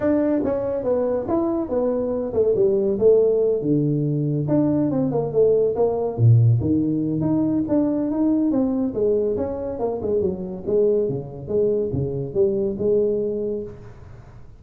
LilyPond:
\new Staff \with { instrumentName = "tuba" } { \time 4/4 \tempo 4 = 141 d'4 cis'4 b4 e'4 | b4. a8 g4 a4~ | a8 d2 d'4 c'8 | ais8 a4 ais4 ais,4 dis8~ |
dis4 dis'4 d'4 dis'4 | c'4 gis4 cis'4 ais8 gis8 | fis4 gis4 cis4 gis4 | cis4 g4 gis2 | }